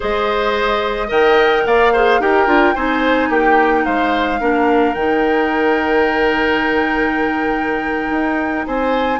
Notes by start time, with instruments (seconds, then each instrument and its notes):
0.00 bassoon G#3, clarinet G#4, oboe C5, flute D#5
1.07 bassoon D#3, clarinet A#4, oboe D#5, flute G5
1.65 bassoon A#3, oboe D5, flute F5
1.92 clarinet G#4, oboe C5
2.19 bassoon D#4, clarinet G4, oboe A#4, flute G5
2.46 bassoon D4, clarinet F4
2.75 bassoon C4, clarinet D#4, oboe C5, flute G#5
3.29 bassoon A#3, oboe G4, flute G5
3.85 bassoon G#3, oboe C5, flute F5
4.40 bassoon A#3, clarinet D4, oboe A#4
4.94 bassoon D#3, clarinet D#4, flute G5
8.10 bassoon D#4
8.66 bassoon C4, oboe C5, flute G#5